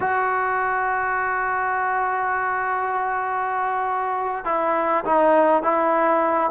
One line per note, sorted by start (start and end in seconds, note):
0.00 4.44 F#4
4.44 5.04 E4
5.05 5.62 D#4
5.62 6.50 E4